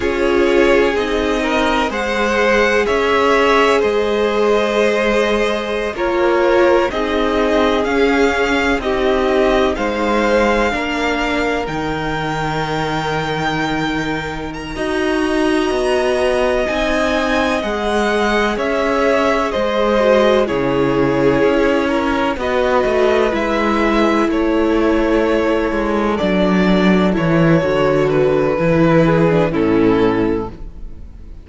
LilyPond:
<<
  \new Staff \with { instrumentName = "violin" } { \time 4/4 \tempo 4 = 63 cis''4 dis''4 fis''4 e''4 | dis''2~ dis''16 cis''4 dis''8.~ | dis''16 f''4 dis''4 f''4.~ f''16~ | f''16 g''2. ais''8.~ |
ais''4. gis''4 fis''4 e''8~ | e''8 dis''4 cis''2 dis''8~ | dis''8 e''4 cis''2 d''8~ | d''8 cis''4 b'4. a'4 | }
  \new Staff \with { instrumentName = "violin" } { \time 4/4 gis'4. ais'8 c''4 cis''4 | c''2~ c''16 ais'4 gis'8.~ | gis'4~ gis'16 g'4 c''4 ais'8.~ | ais'2.~ ais'8 dis''8~ |
dis''2.~ dis''8 cis''8~ | cis''8 c''4 gis'4. ais'8 b'8~ | b'4. a'2~ a'8~ | a'2~ a'8 gis'8 e'4 | }
  \new Staff \with { instrumentName = "viola" } { \time 4/4 f'4 dis'4 gis'2~ | gis'2~ gis'16 f'4 dis'8.~ | dis'16 cis'4 dis'2 d'8.~ | d'16 dis'2.~ dis'16 fis'8~ |
fis'4. dis'4 gis'4.~ | gis'4 fis'8 e'2 fis'8~ | fis'8 e'2. d'8~ | d'8 e'8 fis'4 e'8. d'16 cis'4 | }
  \new Staff \with { instrumentName = "cello" } { \time 4/4 cis'4 c'4 gis4 cis'4 | gis2~ gis16 ais4 c'8.~ | c'16 cis'4 c'4 gis4 ais8.~ | ais16 dis2.~ dis16 dis'8~ |
dis'8 b4 c'4 gis4 cis'8~ | cis'8 gis4 cis4 cis'4 b8 | a8 gis4 a4. gis8 fis8~ | fis8 e8 d4 e4 a,4 | }
>>